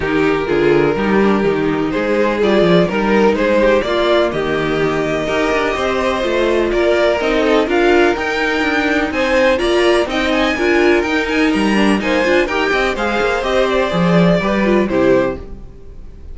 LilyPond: <<
  \new Staff \with { instrumentName = "violin" } { \time 4/4 \tempo 4 = 125 ais'1 | c''4 d''4 ais'4 c''4 | d''4 dis''2.~ | dis''2 d''4 dis''4 |
f''4 g''2 gis''4 | ais''4 g''8 gis''4. g''8 gis''8 | ais''4 gis''4 g''4 f''4 | dis''8 d''2~ d''8 c''4 | }
  \new Staff \with { instrumentName = "violin" } { \time 4/4 g'4 gis'4 g'2 | gis'2 ais'4 gis'8 g'8 | f'4 g'2 ais'4 | c''2 ais'4. a'8 |
ais'2. c''4 | d''4 dis''4 ais'2~ | ais'4 c''4 ais'8 dis''8 c''4~ | c''2 b'4 g'4 | }
  \new Staff \with { instrumentName = "viola" } { \time 4/4 dis'4 f'4 dis'8 d'8 dis'4~ | dis'4 f'4 dis'2 | ais2. g'4~ | g'4 f'2 dis'4 |
f'4 dis'2. | f'4 dis'4 f'4 dis'4~ | dis'8 d'8 dis'8 f'8 g'4 gis'4 | g'4 gis'4 g'8 f'8 e'4 | }
  \new Staff \with { instrumentName = "cello" } { \time 4/4 dis4 d4 g4 dis4 | gis4 g8 f8 g4 gis4 | ais4 dis2 dis'8 d'8 | c'4 a4 ais4 c'4 |
d'4 dis'4 d'4 c'4 | ais4 c'4 d'4 dis'4 | g4 ais8 d'8 dis'8 c'8 gis8 ais8 | c'4 f4 g4 c4 | }
>>